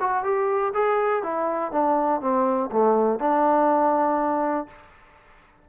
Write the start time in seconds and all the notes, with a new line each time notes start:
0.00 F#4
0.24 G4
0.74 G#4
1.23 E4
1.71 D4
2.21 C4
2.72 A3
3.19 D4